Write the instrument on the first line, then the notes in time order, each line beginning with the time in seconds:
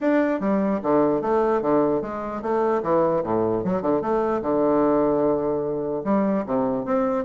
bassoon
0.00 D4
0.40 G3
0.82 D3
1.21 A3
1.61 D3
2.01 G#3
2.42 A3
2.82 E3
3.23 A2
3.64 F#3
3.82 D3
4.01 A3
4.42 D3
6.04 G3
6.45 C3
6.85 C4